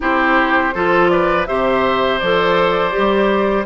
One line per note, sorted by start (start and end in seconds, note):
0.00 0.74 C4
0.00 0.73 E4
0.00 0.74 G4
0.00 1.09 C5
0.74 1.48 F3
0.74 1.47 F4
0.74 1.11 A4
1.09 1.47 B4
1.09 1.45 D5
1.46 2.21 C3
1.46 2.20 G4
1.46 3.65 C5
1.46 2.19 E5
2.19 2.95 F3
2.19 2.91 A4
2.19 3.65 D5
2.91 3.65 G3
2.91 3.64 G4